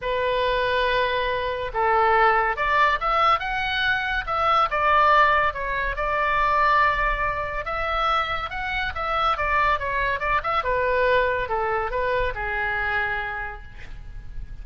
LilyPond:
\new Staff \with { instrumentName = "oboe" } { \time 4/4 \tempo 4 = 141 b'1 | a'2 d''4 e''4 | fis''2 e''4 d''4~ | d''4 cis''4 d''2~ |
d''2 e''2 | fis''4 e''4 d''4 cis''4 | d''8 e''8 b'2 a'4 | b'4 gis'2. | }